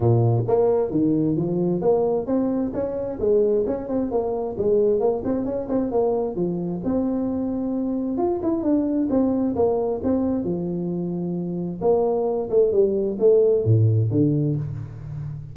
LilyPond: \new Staff \with { instrumentName = "tuba" } { \time 4/4 \tempo 4 = 132 ais,4 ais4 dis4 f4 | ais4 c'4 cis'4 gis4 | cis'8 c'8 ais4 gis4 ais8 c'8 | cis'8 c'8 ais4 f4 c'4~ |
c'2 f'8 e'8 d'4 | c'4 ais4 c'4 f4~ | f2 ais4. a8 | g4 a4 a,4 d4 | }